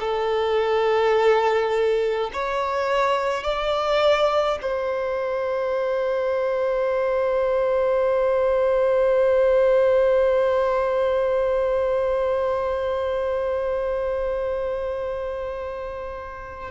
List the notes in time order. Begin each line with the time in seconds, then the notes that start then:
0.00 A4
2.33 C#5
3.44 D5
4.62 C5